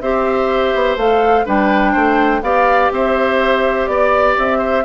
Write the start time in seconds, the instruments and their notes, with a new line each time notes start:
0.00 bassoon C4, clarinet G4, oboe C5, flute E5
0.74 bassoon B3
0.96 bassoon A3, clarinet A4, flute F5
1.45 bassoon G3, clarinet D4, oboe B4, flute G5
1.92 bassoon A3, oboe C5
2.42 bassoon B3, clarinet G4, oboe D5, flute F5
2.91 bassoon C4, oboe C5, flute E5
3.87 bassoon B3, flute D5, oboe D5
4.38 bassoon C4, flute E5
4.58 oboe C5